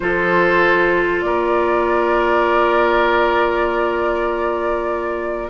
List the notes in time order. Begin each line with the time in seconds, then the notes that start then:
0.00 F3 F4 A4 C5
1.21 A#3 A#4 D5